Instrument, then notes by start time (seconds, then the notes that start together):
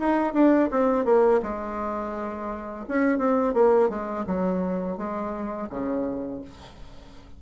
bassoon
0.00 D#4
0.34 D4
0.71 C4
1.06 A#3
1.43 G#3
2.89 C#4
3.19 C4
3.54 A#3
3.90 G#3
4.27 F#3
4.98 G#3
5.70 C#3